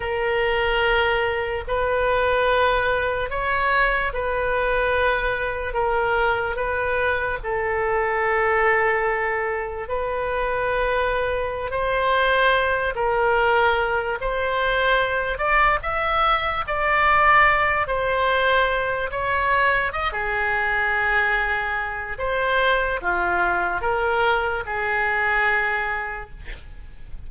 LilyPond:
\new Staff \with { instrumentName = "oboe" } { \time 4/4 \tempo 4 = 73 ais'2 b'2 | cis''4 b'2 ais'4 | b'4 a'2. | b'2~ b'16 c''4. ais'16~ |
ais'4~ ais'16 c''4. d''8 e''8.~ | e''16 d''4. c''4. cis''8.~ | cis''16 dis''16 gis'2~ gis'8 c''4 | f'4 ais'4 gis'2 | }